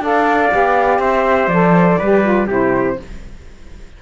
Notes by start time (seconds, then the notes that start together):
0.00 D4 A4 D5 F5
0.51 B3 G4
0.99 C4 C5 E5
1.47 F3 A4 D5
1.99 G3 G4 B4
2.23 F4
2.47 C3 E4 G4 C5